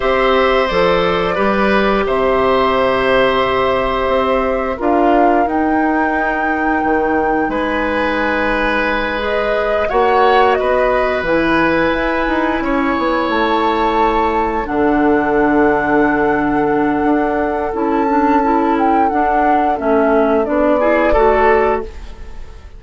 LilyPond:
<<
  \new Staff \with { instrumentName = "flute" } { \time 4/4 \tempo 4 = 88 e''4 d''2 e''4~ | e''2. f''4 | g''2. gis''4~ | gis''4. dis''4 fis''4 dis''8~ |
dis''8 gis''2. a''8~ | a''4. fis''2~ fis''8~ | fis''2 a''4. g''8 | fis''4 e''4 d''2 | }
  \new Staff \with { instrumentName = "oboe" } { \time 4/4 c''2 b'4 c''4~ | c''2. ais'4~ | ais'2. b'4~ | b'2~ b'8 cis''4 b'8~ |
b'2~ b'8 cis''4.~ | cis''4. a'2~ a'8~ | a'1~ | a'2~ a'8 gis'8 a'4 | }
  \new Staff \with { instrumentName = "clarinet" } { \time 4/4 g'4 a'4 g'2~ | g'2. f'4 | dis'1~ | dis'4. gis'4 fis'4.~ |
fis'8 e'2.~ e'8~ | e'4. d'2~ d'8~ | d'2 e'8 d'8 e'4 | d'4 cis'4 d'8 e'8 fis'4 | }
  \new Staff \with { instrumentName = "bassoon" } { \time 4/4 c'4 f4 g4 c4~ | c2 c'4 d'4 | dis'2 dis4 gis4~ | gis2~ gis8 ais4 b8~ |
b8 e4 e'8 dis'8 cis'8 b8 a8~ | a4. d2~ d8~ | d4 d'4 cis'2 | d'4 a4 b4 a4 | }
>>